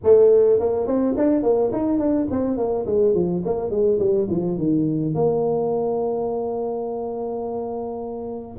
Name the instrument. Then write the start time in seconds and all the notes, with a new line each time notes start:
tuba
0.03 A3
0.59 A#3
0.86 C4
1.17 D4
1.42 A#3
1.72 D#4
1.98 D4
2.30 C4
2.57 A#3
2.86 G#3
3.14 F3
3.45 A#3
3.70 G#3
3.99 G3
4.30 F3
4.57 D#3
5.14 A#3